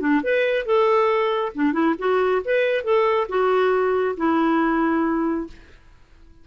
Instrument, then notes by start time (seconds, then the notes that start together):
clarinet
0.00 D4
0.23 B4
0.65 A4
1.55 D4
1.73 E4
1.98 F#4
2.45 B4
2.84 A4
3.29 F#4
4.17 E4